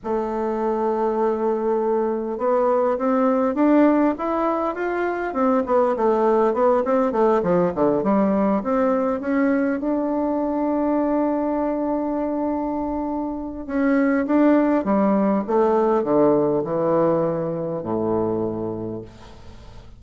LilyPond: \new Staff \with { instrumentName = "bassoon" } { \time 4/4 \tempo 4 = 101 a1 | b4 c'4 d'4 e'4 | f'4 c'8 b8 a4 b8 c'8 | a8 f8 d8 g4 c'4 cis'8~ |
cis'8 d'2.~ d'8~ | d'2. cis'4 | d'4 g4 a4 d4 | e2 a,2 | }